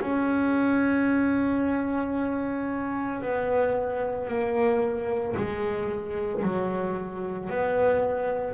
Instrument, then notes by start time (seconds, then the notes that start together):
double bass
0.00 C#4
3.21 B3
4.28 A#3
5.36 G#3
6.42 F#3
7.49 B3